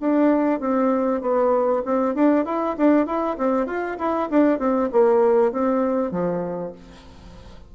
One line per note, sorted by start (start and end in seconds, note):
0.00 0.60 D4
0.60 1.21 C4
1.21 1.82 B3
1.86 2.15 C4
2.15 2.45 D4
2.45 2.76 E4
2.77 3.06 D4
3.06 3.37 E4
3.38 3.67 C4
3.67 3.97 F4
3.99 4.29 E4
4.30 4.59 D4
4.59 4.90 C4
4.92 5.52 A#3
5.52 6.11 C4
6.11 6.72 F3